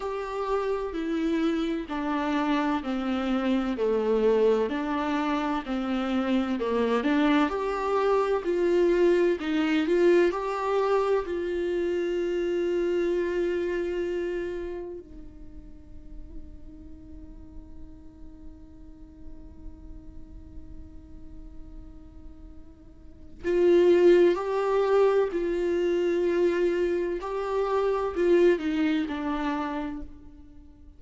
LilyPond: \new Staff \with { instrumentName = "viola" } { \time 4/4 \tempo 4 = 64 g'4 e'4 d'4 c'4 | a4 d'4 c'4 ais8 d'8 | g'4 f'4 dis'8 f'8 g'4 | f'1 |
dis'1~ | dis'1~ | dis'4 f'4 g'4 f'4~ | f'4 g'4 f'8 dis'8 d'4 | }